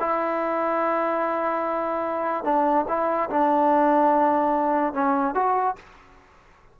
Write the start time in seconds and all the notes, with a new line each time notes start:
0.00 E4
2.44 D4
2.88 E4
3.30 D4
4.94 C#4
5.35 F#4